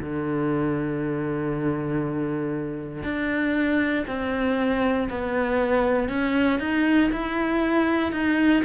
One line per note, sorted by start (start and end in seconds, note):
0.00 3.04 D3
3.04 4.05 D4
4.08 5.09 C4
5.10 6.09 B3
6.09 6.60 C#4
6.60 7.11 D#4
7.12 8.13 E4
8.13 8.63 D#4